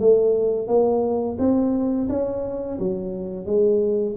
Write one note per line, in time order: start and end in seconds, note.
0.00 0.68 A3
0.68 1.37 A#3
1.39 2.09 C4
2.09 2.79 C#4
2.79 3.46 F#3
3.46 4.16 G#3